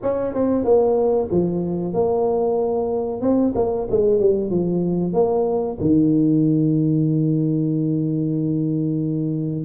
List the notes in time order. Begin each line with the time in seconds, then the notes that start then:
0.02 C#4
0.34 C4
0.64 A#3
1.31 F3
1.93 A#3
3.21 C4
3.55 A#3
3.90 G#3
4.20 G3
4.50 F3
5.13 A#3
5.80 D#3